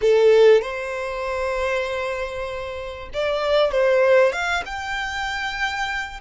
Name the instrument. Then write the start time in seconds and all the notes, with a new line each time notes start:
violin
0.01 A4
0.61 C5
3.13 D5
3.71 C5
4.32 F5
4.65 G5